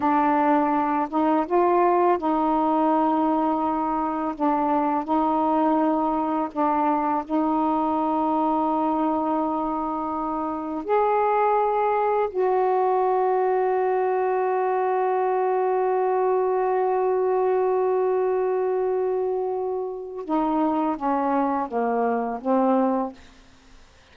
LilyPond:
\new Staff \with { instrumentName = "saxophone" } { \time 4/4 \tempo 4 = 83 d'4. dis'8 f'4 dis'4~ | dis'2 d'4 dis'4~ | dis'4 d'4 dis'2~ | dis'2. gis'4~ |
gis'4 fis'2.~ | fis'1~ | fis'1 | dis'4 cis'4 ais4 c'4 | }